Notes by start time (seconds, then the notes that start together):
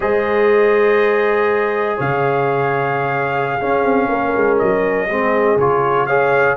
0.00 G#3 G#4 C5 D#5
1.96 C#3 C#5 F5
3.58 C#4 G#4
3.83 C4
4.08 A#3 A#4
4.36 G#3
4.58 F#3 D#5
5.07 G#3 C4 G#4
5.56 C#3 F4 C#5
6.06 G#4 C#5 F5